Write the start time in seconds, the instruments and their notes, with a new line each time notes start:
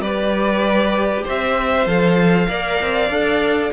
0.00 cello G3, viola G4, violin B4 D5
1.24 cello C4, violin C5 E5
1.86 cello F3, viola A4, violin F5
2.48 cello A#3, viola A#4, violin D5
2.81 cello C4
3.10 cello D4, viola A4